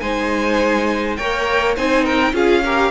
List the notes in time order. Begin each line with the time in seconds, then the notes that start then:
0.00 G#3 D#4 C5 G#5
1.16 A#3 A#4 C#5 G5
1.76 C4 D#4 C5 G#5
2.04 A#4 G5
2.33 C#4 F4 G#4 F5
2.65 G4 A#4